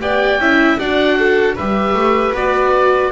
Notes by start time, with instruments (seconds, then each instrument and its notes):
0.00 double bass B3, viola G4, violin D5, oboe G5
0.38 double bass C#4, viola E4, violin E5
0.78 double bass D4, viola F#4, violin D5, oboe F#5
1.18 violin A4
1.55 double bass G3, viola G4, violin B4, oboe E5
1.94 double bass A3
2.34 double bass B3, viola F#4, oboe D5